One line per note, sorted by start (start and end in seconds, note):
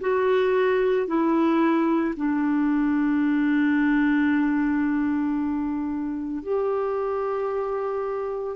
0.00 1.07 F#4
1.07 2.14 E4
2.17 6.43 D4
6.43 8.56 G4